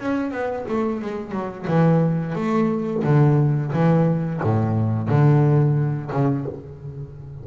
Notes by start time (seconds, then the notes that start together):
0.00 C#4
0.31 B3
0.68 A3
1.02 G#3
1.32 F#3
1.67 E3
2.36 A3
3.04 D3
3.73 E3
4.43 A2
5.09 D3
6.12 C#3